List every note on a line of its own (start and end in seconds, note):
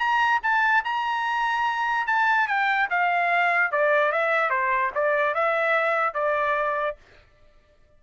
0.00 0.41 A#5
0.44 0.85 A5
0.85 2.07 A#5
2.07 2.48 A5
2.48 2.89 G5
2.90 3.72 F5
3.72 4.12 D5
4.12 4.51 E5
4.51 4.92 C5
4.95 5.35 D5
5.35 6.15 E5
6.15 6.97 D5